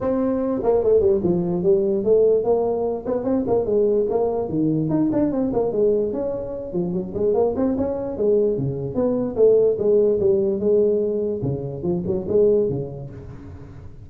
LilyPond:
\new Staff \with { instrumentName = "tuba" } { \time 4/4 \tempo 4 = 147 c'4. ais8 a8 g8 f4 | g4 a4 ais4. b8 | c'8 ais8 gis4 ais4 dis4 | dis'8 d'8 c'8 ais8 gis4 cis'4~ |
cis'8 f8 fis8 gis8 ais8 c'8 cis'4 | gis4 cis4 b4 a4 | gis4 g4 gis2 | cis4 f8 fis8 gis4 cis4 | }